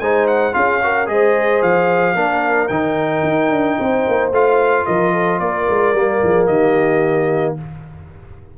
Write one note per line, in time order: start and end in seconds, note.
0.00 0.54 G#3
0.00 0.53 D#4
0.00 0.55 C5
0.00 0.27 G#5
0.28 0.54 F#5
0.53 1.08 C#4
0.53 0.80 F4
0.53 0.83 G#4
0.53 1.08 F5
0.83 1.07 F#4
0.83 1.11 A#4
1.07 1.62 G#3
1.07 2.15 G#4
1.07 2.16 C5
1.07 1.62 D#5
1.62 2.16 F3
1.62 2.68 F5
2.16 2.70 A#3
2.16 2.70 D4
2.16 3.78 A#4
2.68 3.24 D#3
2.68 4.33 D#4
2.68 4.30 G5
3.24 3.51 D#4
3.51 3.78 D4
3.79 4.07 C4
3.79 4.87 C5
4.08 4.32 A#3
4.32 4.86 A3
4.32 5.96 F4
4.32 4.86 F5
4.86 5.41 F3
4.86 5.13 A#4
4.86 5.40 D#5
5.13 5.40 A4
5.40 5.68 A#3
5.40 6.22 A#4
5.40 6.47 D5
5.70 5.94 G#3
5.94 6.21 G3
5.94 7.58 A#3
6.23 6.48 F3
6.23 6.49 G#4
6.47 7.57 D#3
6.47 7.57 G4
6.47 7.55 D#5